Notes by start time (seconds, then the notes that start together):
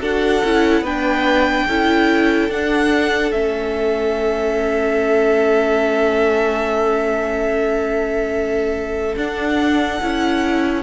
0.00 D4 F#4 A4 F#5
0.44 C#4 E4
0.81 B3 D4 B4 G5
1.68 C#4 E4 A4
2.49 D4 F#5
3.32 A3 C#4 E5
9.16 D4 F#5
10.03 C#4 E4